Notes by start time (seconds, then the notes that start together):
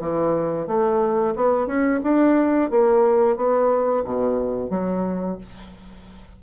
0.00 E3
0.67 A3
1.36 B3
1.67 C#4
2.03 D4
2.70 A#3
3.36 B3
4.04 B2
4.70 F#3